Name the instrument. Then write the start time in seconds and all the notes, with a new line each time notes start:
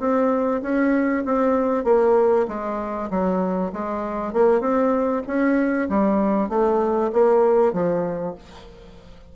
bassoon
0.00 C4
0.63 C#4
1.25 C4
1.85 A#3
2.48 G#3
3.10 F#3
3.73 G#3
4.33 A#3
4.61 C4
5.27 C#4
5.89 G3
6.49 A3
7.13 A#3
7.73 F3